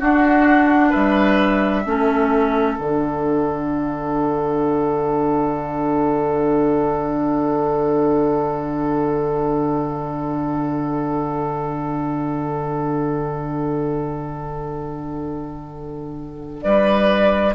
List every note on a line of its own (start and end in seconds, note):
0.00 1.85 D4
0.00 0.93 D4
0.00 0.90 F#4
0.00 0.92 F#5
0.90 1.86 G3
0.90 1.82 B4
0.90 2.77 E5
1.86 2.78 A3
1.86 2.78 C#4
1.86 16.64 A4
2.77 16.63 D3
2.77 17.55 D4
2.77 16.62 F#5
16.62 17.55 G3
16.62 17.55 B4
16.62 17.54 D5